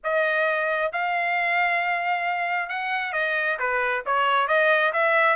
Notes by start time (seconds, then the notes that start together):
0.03 D#5
0.92 F5
2.69 F#5
3.12 D#5
3.59 B4
4.05 C#5
4.47 D#5
4.92 E5